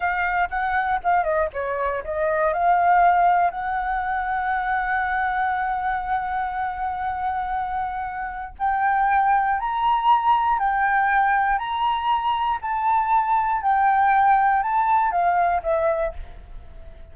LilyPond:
\new Staff \with { instrumentName = "flute" } { \time 4/4 \tempo 4 = 119 f''4 fis''4 f''8 dis''8 cis''4 | dis''4 f''2 fis''4~ | fis''1~ | fis''1~ |
fis''4 g''2 ais''4~ | ais''4 g''2 ais''4~ | ais''4 a''2 g''4~ | g''4 a''4 f''4 e''4 | }